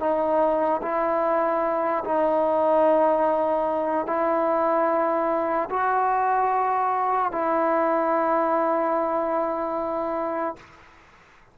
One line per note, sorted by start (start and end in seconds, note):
0.00 0.81 D#4
0.83 2.04 E4
2.05 4.07 D#4
4.07 5.69 E4
5.70 7.32 F#4
7.32 10.56 E4